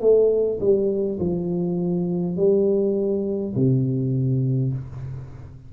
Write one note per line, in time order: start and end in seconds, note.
0.00 0.59 A3
0.60 1.19 G3
1.19 2.36 F3
2.36 3.54 G3
3.55 4.73 C3